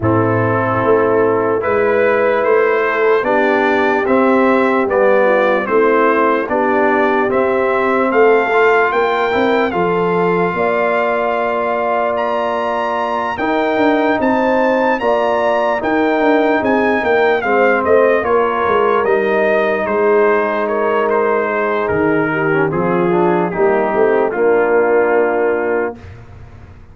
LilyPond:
<<
  \new Staff \with { instrumentName = "trumpet" } { \time 4/4 \tempo 4 = 74 a'2 b'4 c''4 | d''4 e''4 d''4 c''4 | d''4 e''4 f''4 g''4 | f''2. ais''4~ |
ais''8 g''4 a''4 ais''4 g''8~ | g''8 gis''8 g''8 f''8 dis''8 cis''4 dis''8~ | dis''8 c''4 cis''8 c''4 ais'4 | gis'4 g'4 f'2 | }
  \new Staff \with { instrumentName = "horn" } { \time 4/4 e'2 b'4. a'8 | g'2~ g'8 f'8 e'4 | g'2 a'4 ais'4 | a'4 d''2.~ |
d''8 ais'4 c''4 d''4 ais'8~ | ais'8 gis'8 ais'8 c''4 ais'4.~ | ais'8 gis'4 ais'4 gis'4 g'8 | f'4 ais8 c'8 d'2 | }
  \new Staff \with { instrumentName = "trombone" } { \time 4/4 c'2 e'2 | d'4 c'4 b4 c'4 | d'4 c'4. f'4 e'8 | f'1~ |
f'8 dis'2 f'4 dis'8~ | dis'4. c'4 f'4 dis'8~ | dis'2.~ dis'8. cis'16 | c'8 d'8 dis'4 ais2 | }
  \new Staff \with { instrumentName = "tuba" } { \time 4/4 a,4 a4 gis4 a4 | b4 c'4 g4 a4 | b4 c'4 a4 ais8 c'8 | f4 ais2.~ |
ais8 dis'8 d'8 c'4 ais4 dis'8 | d'8 c'8 ais8 gis8 a8 ais8 gis8 g8~ | g8 gis2~ gis8 dis4 | f4 g8 a8 ais2 | }
>>